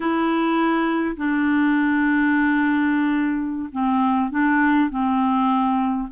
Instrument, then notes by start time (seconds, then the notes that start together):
clarinet
0.00 E4
1.16 D4
3.72 C4
4.30 D4
4.89 C4